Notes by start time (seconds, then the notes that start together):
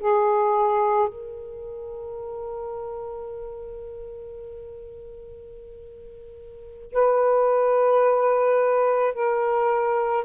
0.00 G#4
1.09 A#4
6.92 B4
9.14 A#4